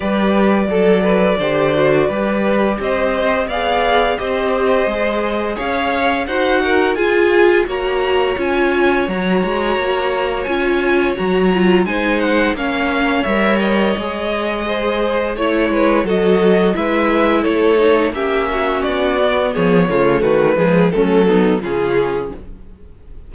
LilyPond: <<
  \new Staff \with { instrumentName = "violin" } { \time 4/4 \tempo 4 = 86 d''1 | dis''4 f''4 dis''2 | f''4 fis''4 gis''4 ais''4 | gis''4 ais''2 gis''4 |
ais''4 gis''8 fis''8 f''4 e''8 dis''8~ | dis''2 cis''4 dis''4 | e''4 cis''4 e''4 d''4 | cis''4 b'4 a'4 gis'4 | }
  \new Staff \with { instrumentName = "violin" } { \time 4/4 b'4 a'8 b'8 c''4 b'4 | c''4 d''4 c''2 | cis''4 c''8 ais'8 gis'4 cis''4~ | cis''1~ |
cis''4 c''4 cis''2~ | cis''4 c''4 cis''8 b'8 a'4 | b'4 a'4 g'8 fis'4. | gis'8 f'8 fis'8 gis'8 cis'8 dis'8 f'4 | }
  \new Staff \with { instrumentName = "viola" } { \time 4/4 g'4 a'4 g'8 fis'8 g'4~ | g'4 gis'4 g'4 gis'4~ | gis'4 fis'4 f'4 fis'4 | f'4 fis'2 f'4 |
fis'8 f'8 dis'4 cis'4 ais'4 | gis'2 e'4 fis'4 | e'4. dis'8 cis'4. b8~ | b8 a4 gis8 a8 b8 cis'4 | }
  \new Staff \with { instrumentName = "cello" } { \time 4/4 g4 fis4 d4 g4 | c'4 b4 c'4 gis4 | cis'4 dis'4 f'4 ais4 | cis'4 fis8 gis8 ais4 cis'4 |
fis4 gis4 ais4 g4 | gis2 a8 gis8 fis4 | gis4 a4 ais4 b4 | f8 cis8 dis8 f8 fis4 cis4 | }
>>